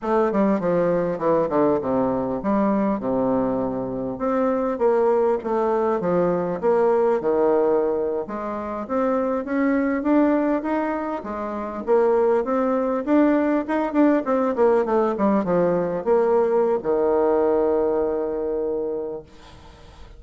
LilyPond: \new Staff \with { instrumentName = "bassoon" } { \time 4/4 \tempo 4 = 100 a8 g8 f4 e8 d8 c4 | g4 c2 c'4 | ais4 a4 f4 ais4 | dis4.~ dis16 gis4 c'4 cis'16~ |
cis'8. d'4 dis'4 gis4 ais16~ | ais8. c'4 d'4 dis'8 d'8 c'16~ | c'16 ais8 a8 g8 f4 ais4~ ais16 | dis1 | }